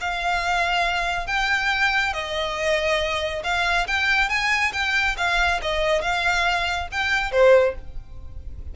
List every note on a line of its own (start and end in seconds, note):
0.00 1.27 F5
1.27 2.13 G5
2.13 3.43 D#5
3.44 3.87 F5
3.87 4.29 G5
4.29 4.72 G#5
4.73 5.16 G5
5.17 5.60 F5
5.62 6.01 D#5
6.01 6.88 F5
6.91 7.31 G5
7.31 7.74 C5